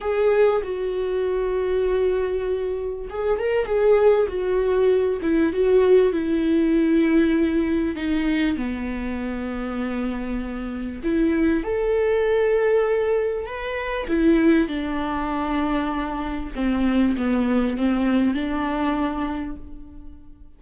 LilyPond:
\new Staff \with { instrumentName = "viola" } { \time 4/4 \tempo 4 = 98 gis'4 fis'2.~ | fis'4 gis'8 ais'8 gis'4 fis'4~ | fis'8 e'8 fis'4 e'2~ | e'4 dis'4 b2~ |
b2 e'4 a'4~ | a'2 b'4 e'4 | d'2. c'4 | b4 c'4 d'2 | }